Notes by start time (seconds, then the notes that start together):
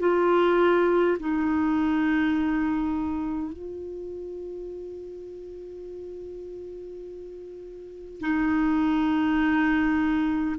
0.00 F4
1.20 D#4
3.53 F4
8.21 D#4